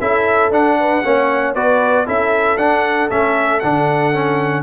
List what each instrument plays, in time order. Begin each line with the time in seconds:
0.00 tuba C#4, trombone E4, horn A4, trumpet E5
0.51 tuba D4, trombone D4, trumpet F#5
0.80 horn B4
1.04 tuba A#3, trombone C#4, horn C#5
1.55 tuba B3, trombone F#4, horn B4, trumpet D5
2.06 tuba C#4, trombone E4, horn A4, trumpet E5
2.57 tuba D4, trombone D4, trumpet F#5
3.10 tuba A3, trombone C#4, trumpet E5
3.60 tuba D3, trombone D4, trumpet F#5
4.14 trombone C#4